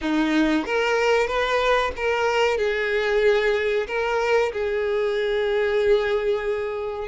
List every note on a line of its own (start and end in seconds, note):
0.01 0.65 D#4
0.65 1.27 A#4
1.27 1.91 B4
1.96 2.57 A#4
2.57 3.86 G#4
3.87 4.52 A#4
4.52 7.08 G#4